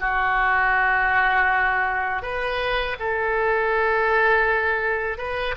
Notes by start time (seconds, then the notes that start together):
0.00 F#4
2.22 B4
3.00 A4
5.18 B4